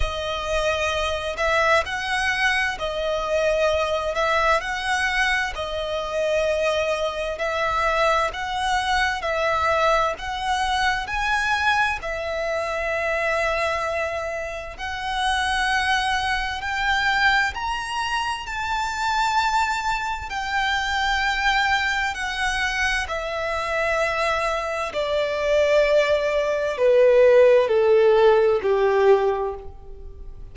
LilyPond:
\new Staff \with { instrumentName = "violin" } { \time 4/4 \tempo 4 = 65 dis''4. e''8 fis''4 dis''4~ | dis''8 e''8 fis''4 dis''2 | e''4 fis''4 e''4 fis''4 | gis''4 e''2. |
fis''2 g''4 ais''4 | a''2 g''2 | fis''4 e''2 d''4~ | d''4 b'4 a'4 g'4 | }